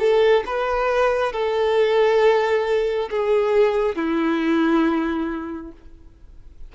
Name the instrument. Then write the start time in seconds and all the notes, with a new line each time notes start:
violin
0.00 A4
0.47 B4
1.33 A4
3.11 G#4
3.96 E4